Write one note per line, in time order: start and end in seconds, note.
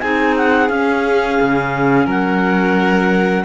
0.00 0.70 C4
0.00 0.70 D#4
0.00 2.06 G#4
0.00 0.34 G#5
0.37 0.70 F#5
0.70 1.39 C#4
0.70 3.45 C#4
0.70 2.07 F5
1.41 2.07 C#3
2.06 3.45 F#3
2.06 3.44 A#4
2.06 3.45 F#5